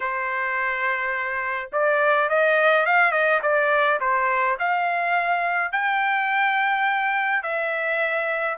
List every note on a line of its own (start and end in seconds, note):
0.00 1.70 C5
1.72 2.29 D5
2.29 2.86 D#5
2.86 3.11 F5
3.11 3.40 D#5
3.42 3.99 D5
4.00 4.57 C5
4.59 5.72 F5
5.72 7.42 G5
7.42 8.57 E5